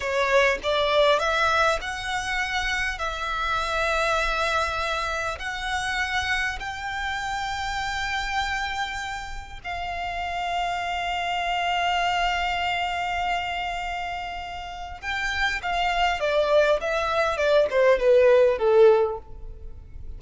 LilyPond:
\new Staff \with { instrumentName = "violin" } { \time 4/4 \tempo 4 = 100 cis''4 d''4 e''4 fis''4~ | fis''4 e''2.~ | e''4 fis''2 g''4~ | g''1 |
f''1~ | f''1~ | f''4 g''4 f''4 d''4 | e''4 d''8 c''8 b'4 a'4 | }